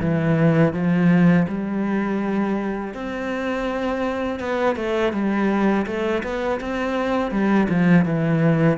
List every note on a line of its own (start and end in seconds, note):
0.00 0.73 E3
0.73 1.46 F3
1.48 2.94 G3
2.94 4.39 C4
4.39 4.76 B3
4.76 5.13 A3
5.13 5.86 G3
5.86 6.23 A3
6.23 6.60 B3
6.60 7.31 C4
7.31 7.68 G3
7.69 8.05 F3
8.05 8.78 E3